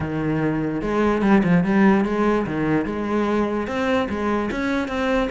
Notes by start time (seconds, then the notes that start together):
0.00 D#3
0.81 G#3
1.22 G3
1.43 F3
1.64 G3
2.05 G#3
2.46 D#3
2.85 G#3
3.67 C4
4.09 G#3
4.51 C#4
4.88 C4